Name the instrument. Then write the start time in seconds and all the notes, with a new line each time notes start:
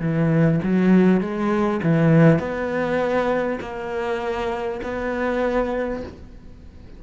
cello
0.00 E3
0.63 F#3
1.21 G#3
1.83 E3
2.39 B3
3.61 A#3
4.83 B3